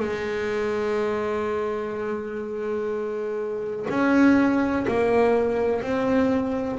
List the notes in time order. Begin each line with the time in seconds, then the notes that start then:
0.00 G#3
3.90 C#4
4.88 A#3
5.82 C4